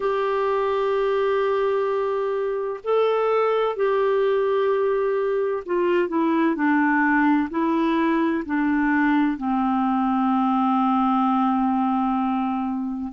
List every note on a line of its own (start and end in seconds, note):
0.00 2.80 G4
2.83 3.75 A4
3.75 5.63 G4
5.65 6.08 F4
6.08 6.55 E4
6.55 7.48 D4
7.50 8.43 E4
8.45 9.37 D4
9.37 13.12 C4